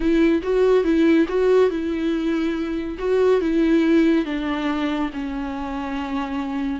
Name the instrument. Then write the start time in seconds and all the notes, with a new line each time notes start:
viola
0.00 E4
0.42 F#4
0.83 E4
1.28 F#4
1.69 E4
2.98 F#4
3.40 E4
4.25 D4
5.13 C#4